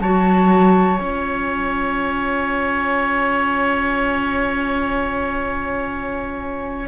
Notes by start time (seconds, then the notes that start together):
0.00 F#3 F#4 C#5 A5
0.99 C#4 F4 G#5